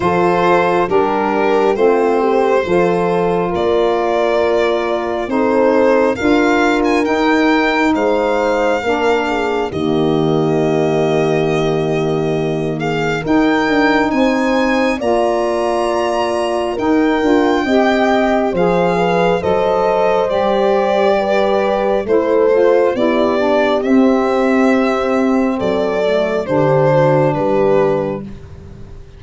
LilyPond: <<
  \new Staff \with { instrumentName = "violin" } { \time 4/4 \tempo 4 = 68 c''4 ais'4 c''2 | d''2 c''4 f''8. gis''16 | g''4 f''2 dis''4~ | dis''2~ dis''8 f''8 g''4 |
gis''4 ais''2 g''4~ | g''4 f''4 dis''4 d''4~ | d''4 c''4 d''4 e''4~ | e''4 d''4 c''4 b'4 | }
  \new Staff \with { instrumentName = "horn" } { \time 4/4 a'4 g'4 f'8 g'8 a'4 | ais'2 a'4 ais'4~ | ais'4 c''4 ais'8 gis'8 g'4~ | g'2~ g'8 gis'8 ais'4 |
c''4 d''2 ais'4 | dis''4 c''8 b'8 c''2 | b'4 a'4 g'2~ | g'4 a'4 g'8 fis'8 g'4 | }
  \new Staff \with { instrumentName = "saxophone" } { \time 4/4 f'4 d'4 c'4 f'4~ | f'2 dis'4 f'4 | dis'2 d'4 ais4~ | ais2. dis'4~ |
dis'4 f'2 dis'8 f'8 | g'4 gis'4 a'4 g'4~ | g'4 e'8 f'8 e'8 d'8 c'4~ | c'4. a8 d'2 | }
  \new Staff \with { instrumentName = "tuba" } { \time 4/4 f4 g4 a4 f4 | ais2 c'4 d'4 | dis'4 gis4 ais4 dis4~ | dis2. dis'8 d'8 |
c'4 ais2 dis'8 d'8 | c'4 f4 fis4 g4~ | g4 a4 b4 c'4~ | c'4 fis4 d4 g4 | }
>>